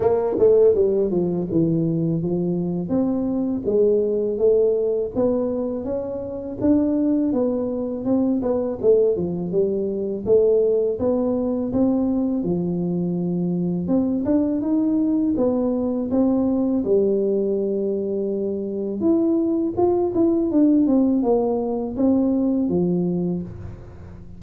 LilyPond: \new Staff \with { instrumentName = "tuba" } { \time 4/4 \tempo 4 = 82 ais8 a8 g8 f8 e4 f4 | c'4 gis4 a4 b4 | cis'4 d'4 b4 c'8 b8 | a8 f8 g4 a4 b4 |
c'4 f2 c'8 d'8 | dis'4 b4 c'4 g4~ | g2 e'4 f'8 e'8 | d'8 c'8 ais4 c'4 f4 | }